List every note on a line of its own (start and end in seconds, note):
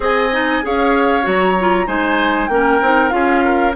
0.00 0.62 C4
0.00 0.29 G#4
0.00 0.64 D#5
0.00 0.66 G#5
0.32 0.62 D#4
0.62 1.26 C#4
0.62 1.22 G#4
0.62 1.86 C#5
0.62 1.28 F5
1.22 1.87 F#3
1.22 1.53 F#4
1.29 1.87 A#5
1.60 1.86 F4
1.86 2.48 G#3
1.86 2.49 D#4
1.86 2.49 C5
1.86 2.47 G#5
2.47 2.79 A#3
2.47 2.81 C#4
2.47 3.14 A#4
2.47 3.09 G5
2.81 3.12 C4
2.81 3.09 D#4
3.09 3.74 C#4
3.09 3.72 F4
3.09 3.44 G#4
3.09 3.71 F5
3.44 3.75 A#4